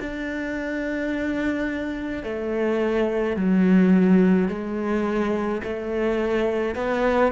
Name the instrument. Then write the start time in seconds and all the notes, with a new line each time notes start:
cello
0.00 D4
2.23 A3
3.37 F#3
4.48 G#3
5.64 A3
6.76 B3